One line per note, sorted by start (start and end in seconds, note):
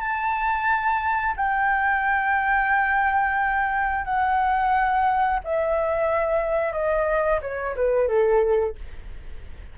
0.00 1.35 A5
1.36 4.05 G5
4.05 5.40 F#5
5.44 6.72 E5
6.72 7.40 D#5
7.41 7.75 C#5
7.76 8.08 B4
8.08 8.75 A4